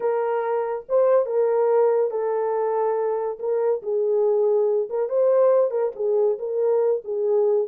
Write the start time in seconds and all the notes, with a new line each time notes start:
0.00 A#4
0.88 C5
1.26 A#4
2.10 A4
3.39 A#4
3.82 G#4
4.89 A#4
5.09 C5
5.70 A#4
5.95 G#4
6.38 A#4
7.04 G#4